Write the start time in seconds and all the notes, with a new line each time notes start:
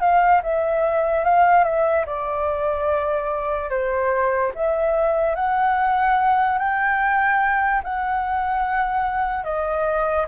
0.00 F5
0.43 E5
1.24 F5
1.64 E5
2.06 D5
3.70 C5
4.55 E5
5.35 F#5
6.59 G5
7.84 F#5
9.44 D#5